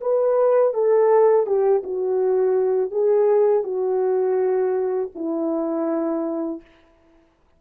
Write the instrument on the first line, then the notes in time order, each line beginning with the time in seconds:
horn
0.00 B4
0.73 A4
1.46 G4
1.83 F#4
2.91 G#4
3.63 F#4
5.15 E4